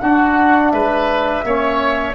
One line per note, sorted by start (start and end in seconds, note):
0.00 1.44 D4
0.00 0.73 D4
0.00 0.73 F#4
0.00 0.71 F#5
0.71 1.44 G#3
0.71 1.45 B4
0.71 2.14 E5
1.44 2.15 A#3
1.44 2.15 C#4
1.44 2.15 C#5